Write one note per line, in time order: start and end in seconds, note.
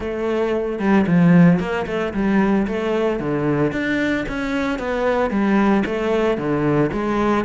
0.00 0.79 A3
0.79 1.05 G3
1.06 1.59 F3
1.59 1.86 A#3
1.86 2.13 A3
2.13 2.66 G3
2.67 3.19 A3
3.19 3.72 D3
3.72 4.25 D4
4.28 4.78 C#4
4.78 5.30 B3
5.30 5.83 G3
5.85 6.37 A3
6.37 6.90 D3
6.92 7.45 G#3